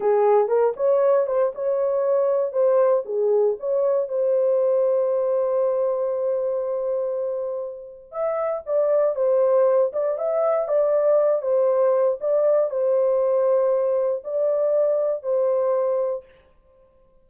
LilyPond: \new Staff \with { instrumentName = "horn" } { \time 4/4 \tempo 4 = 118 gis'4 ais'8 cis''4 c''8 cis''4~ | cis''4 c''4 gis'4 cis''4 | c''1~ | c''1 |
e''4 d''4 c''4. d''8 | e''4 d''4. c''4. | d''4 c''2. | d''2 c''2 | }